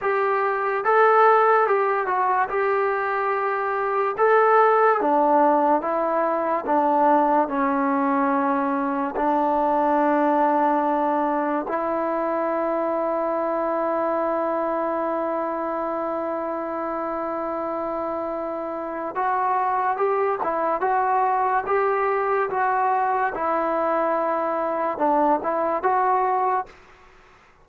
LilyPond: \new Staff \with { instrumentName = "trombone" } { \time 4/4 \tempo 4 = 72 g'4 a'4 g'8 fis'8 g'4~ | g'4 a'4 d'4 e'4 | d'4 cis'2 d'4~ | d'2 e'2~ |
e'1~ | e'2. fis'4 | g'8 e'8 fis'4 g'4 fis'4 | e'2 d'8 e'8 fis'4 | }